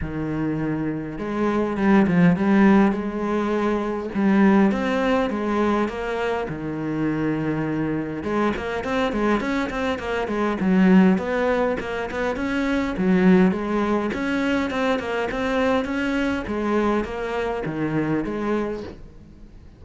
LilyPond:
\new Staff \with { instrumentName = "cello" } { \time 4/4 \tempo 4 = 102 dis2 gis4 g8 f8 | g4 gis2 g4 | c'4 gis4 ais4 dis4~ | dis2 gis8 ais8 c'8 gis8 |
cis'8 c'8 ais8 gis8 fis4 b4 | ais8 b8 cis'4 fis4 gis4 | cis'4 c'8 ais8 c'4 cis'4 | gis4 ais4 dis4 gis4 | }